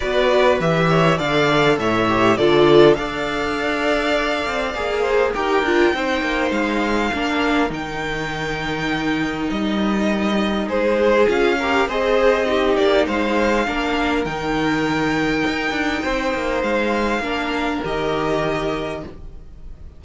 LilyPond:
<<
  \new Staff \with { instrumentName = "violin" } { \time 4/4 \tempo 4 = 101 d''4 e''4 f''4 e''4 | d''4 f''2.~ | f''4 g''2 f''4~ | f''4 g''2. |
dis''2 c''4 f''4 | dis''4. d''8 f''2 | g''1 | f''2 dis''2 | }
  \new Staff \with { instrumentName = "violin" } { \time 4/4 b'4. cis''8 d''4 cis''4 | a'4 d''2.~ | d''8 c''8 ais'4 c''2 | ais'1~ |
ais'2 gis'4. ais'8 | c''4 g'4 c''4 ais'4~ | ais'2. c''4~ | c''4 ais'2. | }
  \new Staff \with { instrumentName = "viola" } { \time 4/4 fis'4 g'4 a'4. g'8 | f'4 a'2. | gis'4 g'8 f'8 dis'2 | d'4 dis'2.~ |
dis'2. f'8 g'8 | gis'4 dis'2 d'4 | dis'1~ | dis'4 d'4 g'2 | }
  \new Staff \with { instrumentName = "cello" } { \time 4/4 b4 e4 d4 a,4 | d4 d'2~ d'8 c'8 | ais4 dis'8 d'8 c'8 ais8 gis4 | ais4 dis2. |
g2 gis4 cis'4 | c'4. ais8 gis4 ais4 | dis2 dis'8 d'8 c'8 ais8 | gis4 ais4 dis2 | }
>>